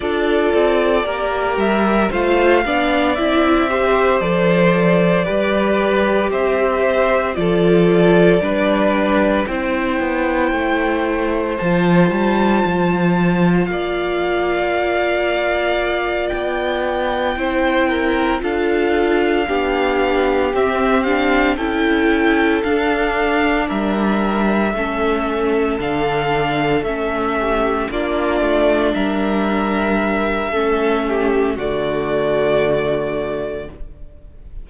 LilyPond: <<
  \new Staff \with { instrumentName = "violin" } { \time 4/4 \tempo 4 = 57 d''4. e''8 f''4 e''4 | d''2 e''4 d''4~ | d''4 g''2 a''4~ | a''4 f''2~ f''8 g''8~ |
g''4. f''2 e''8 | f''8 g''4 f''4 e''4.~ | e''8 f''4 e''4 d''4 e''8~ | e''2 d''2 | }
  \new Staff \with { instrumentName = "violin" } { \time 4/4 a'4 ais'4 c''8 d''4 c''8~ | c''4 b'4 c''4 a'4 | b'4 c''2.~ | c''4 d''2.~ |
d''8 c''8 ais'8 a'4 g'4.~ | g'8 a'2 ais'4 a'8~ | a'2 g'8 f'4 ais'8~ | ais'4 a'8 g'8 fis'2 | }
  \new Staff \with { instrumentName = "viola" } { \time 4/4 f'4 g'4 f'8 d'8 e'8 g'8 | a'4 g'2 f'4 | d'4 e'2 f'4~ | f'1~ |
f'8 e'4 f'4 d'4 c'8 | d'8 e'4 d'2 cis'8~ | cis'8 d'4 cis'4 d'4.~ | d'4 cis'4 a2 | }
  \new Staff \with { instrumentName = "cello" } { \time 4/4 d'8 c'8 ais8 g8 a8 b8 c'4 | f4 g4 c'4 f4 | g4 c'8 b8 a4 f8 g8 | f4 ais2~ ais8 b8~ |
b8 c'4 d'4 b4 c'8~ | c'8 cis'4 d'4 g4 a8~ | a8 d4 a4 ais8 a8 g8~ | g4 a4 d2 | }
>>